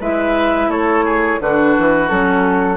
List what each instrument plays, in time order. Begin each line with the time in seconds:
0.00 bassoon G#3, clarinet E4, oboe B4, flute E5
0.68 bassoon A3, oboe A4, flute C#5
1.05 oboe G#4
1.40 bassoon D3, clarinet D4, oboe F#4, flute B4
1.79 bassoon E3
2.09 bassoon F#3, clarinet C#4, flute A4